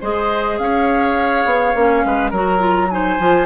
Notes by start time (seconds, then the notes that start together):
0.00 G#3 G#4 C5 D#5
0.58 C#4 C#5 F5
1.45 B3
1.74 A#3 C#4
2.04 G#3 B4
2.30 F#3 F#4 A#4
2.36 A#5
2.58 F4
2.90 D#4 C5 G#5
3.18 F3 F4